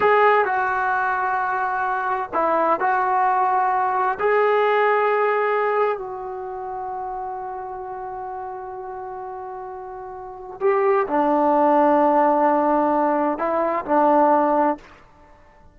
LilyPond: \new Staff \with { instrumentName = "trombone" } { \time 4/4 \tempo 4 = 130 gis'4 fis'2.~ | fis'4 e'4 fis'2~ | fis'4 gis'2.~ | gis'4 fis'2.~ |
fis'1~ | fis'2. g'4 | d'1~ | d'4 e'4 d'2 | }